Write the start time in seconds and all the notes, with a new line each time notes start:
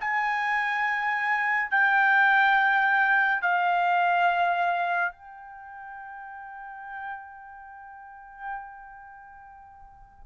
0.00 G#5
1.71 G5
3.42 F5
5.12 G5